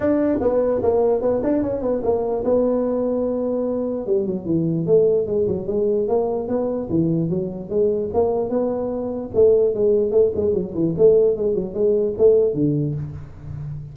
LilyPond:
\new Staff \with { instrumentName = "tuba" } { \time 4/4 \tempo 4 = 148 d'4 b4 ais4 b8 d'8 | cis'8 b8 ais4 b2~ | b2 g8 fis8 e4 | a4 gis8 fis8 gis4 ais4 |
b4 e4 fis4 gis4 | ais4 b2 a4 | gis4 a8 gis8 fis8 e8 a4 | gis8 fis8 gis4 a4 d4 | }